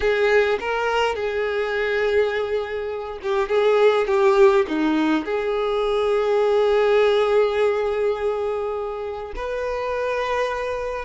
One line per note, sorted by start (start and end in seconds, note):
0.00 0.58 G#4
0.60 1.15 A#4
1.15 3.19 G#4
3.22 3.48 G4
3.48 4.07 G#4
4.07 4.65 G4
4.68 5.25 D#4
5.25 9.33 G#4
9.35 11.05 B4